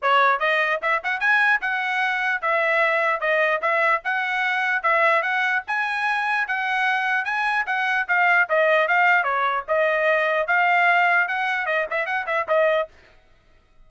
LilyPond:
\new Staff \with { instrumentName = "trumpet" } { \time 4/4 \tempo 4 = 149 cis''4 dis''4 e''8 fis''8 gis''4 | fis''2 e''2 | dis''4 e''4 fis''2 | e''4 fis''4 gis''2 |
fis''2 gis''4 fis''4 | f''4 dis''4 f''4 cis''4 | dis''2 f''2 | fis''4 dis''8 e''8 fis''8 e''8 dis''4 | }